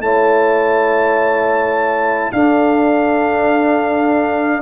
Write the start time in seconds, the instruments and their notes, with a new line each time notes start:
0.00 tuba A3, trombone E4, horn C#5, trumpet A5
2.32 tuba D4, trombone D4, horn A4, trumpet F5